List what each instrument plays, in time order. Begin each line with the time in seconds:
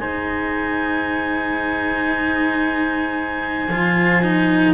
0.00 double bass G#3, cello D#4, trumpet C5, clarinet G#5
3.69 double bass F3, cello F4
4.23 cello D#4